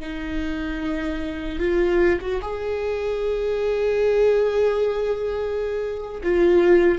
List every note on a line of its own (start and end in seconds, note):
0.00 1.59 D#4
1.59 2.19 F4
2.21 2.41 F#4
2.42 6.22 G#4
6.23 6.99 F4